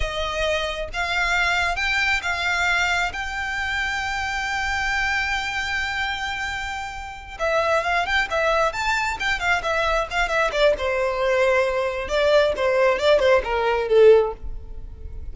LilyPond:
\new Staff \with { instrumentName = "violin" } { \time 4/4 \tempo 4 = 134 dis''2 f''2 | g''4 f''2 g''4~ | g''1~ | g''1~ |
g''8 e''4 f''8 g''8 e''4 a''8~ | a''8 g''8 f''8 e''4 f''8 e''8 d''8 | c''2. d''4 | c''4 d''8 c''8 ais'4 a'4 | }